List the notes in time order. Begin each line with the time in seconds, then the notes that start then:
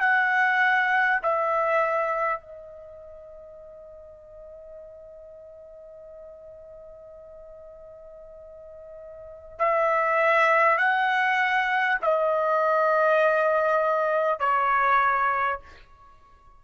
0.00 F#5
1.22 E5
2.40 D#5
9.58 E5
10.78 F#5
12.02 D#5
14.39 C#5